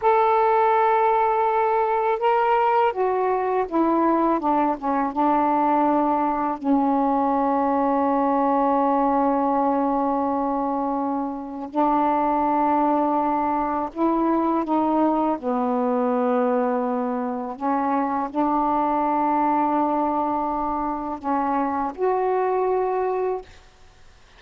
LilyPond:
\new Staff \with { instrumentName = "saxophone" } { \time 4/4 \tempo 4 = 82 a'2. ais'4 | fis'4 e'4 d'8 cis'8 d'4~ | d'4 cis'2.~ | cis'1 |
d'2. e'4 | dis'4 b2. | cis'4 d'2.~ | d'4 cis'4 fis'2 | }